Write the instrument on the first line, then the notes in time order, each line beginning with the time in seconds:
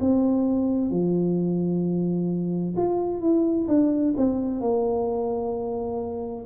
tuba
0.00 C4
0.90 F3
2.77 F4
3.21 E4
3.68 D4
4.17 C4
4.60 A#3